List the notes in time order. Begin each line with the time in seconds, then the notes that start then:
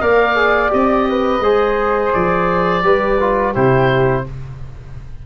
0.00 A#3 A#4 D5 F5
0.36 G#4
0.69 C4 G4 D#5
1.09 B4
1.40 G#3 G#4 C5
2.13 F3 D5
2.83 G3 G4 B4
3.20 F4
3.53 C3 E4 G4 C5